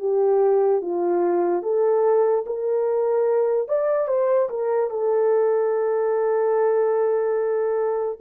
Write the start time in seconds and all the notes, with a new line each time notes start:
0.00 G4
0.82 F4
1.63 A4
2.47 A#4
3.69 D5
4.08 C5
4.50 A#4
4.91 A4